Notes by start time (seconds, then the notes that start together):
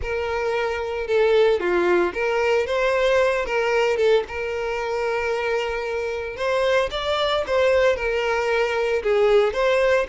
0.01 A#4
1.07 A4
1.59 F4
2.13 A#4
2.66 C5
3.45 A#4
3.97 A4
4.27 A#4
6.36 C5
6.90 D5
7.46 C5
7.96 A#4
9.02 G#4
9.53 C5